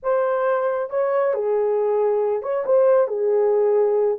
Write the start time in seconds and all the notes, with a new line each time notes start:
0.02 C5
0.90 C#5
1.34 G#4
2.42 C#5
2.65 C5
3.07 G#4